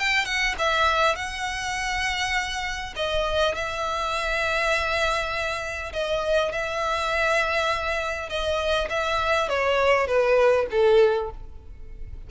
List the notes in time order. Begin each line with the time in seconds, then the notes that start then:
0.00 G5
0.26 F#5
0.59 E5
1.16 F#5
2.96 D#5
3.55 E5
5.93 D#5
6.52 E5
8.30 D#5
8.90 E5
9.49 C#5
10.07 B4
10.71 A4